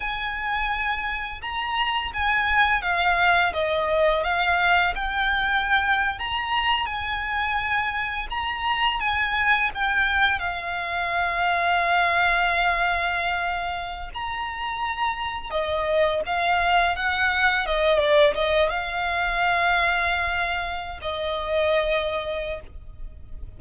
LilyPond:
\new Staff \with { instrumentName = "violin" } { \time 4/4 \tempo 4 = 85 gis''2 ais''4 gis''4 | f''4 dis''4 f''4 g''4~ | g''8. ais''4 gis''2 ais''16~ | ais''8. gis''4 g''4 f''4~ f''16~ |
f''1 | ais''2 dis''4 f''4 | fis''4 dis''8 d''8 dis''8 f''4.~ | f''4.~ f''16 dis''2~ dis''16 | }